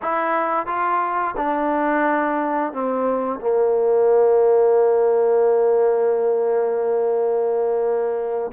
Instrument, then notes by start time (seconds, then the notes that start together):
trombone
0.02 E4
0.66 F4
1.36 D4
2.72 C4
3.40 A#3